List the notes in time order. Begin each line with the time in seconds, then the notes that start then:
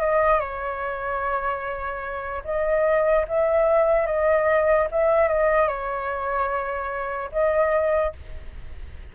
0.00 D#5
0.40 C#5
2.44 D#5
3.28 E5
4.06 D#5
4.91 E5
5.28 D#5
5.68 C#5
7.32 D#5